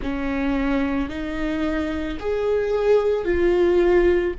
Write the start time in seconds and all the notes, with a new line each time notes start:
0.02 C#4
1.09 D#4
2.19 G#4
3.24 F4